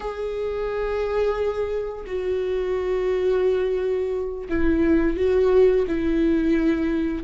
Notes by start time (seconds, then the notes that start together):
0.00 G#4
2.06 F#4
4.49 E4
5.16 F#4
5.87 E4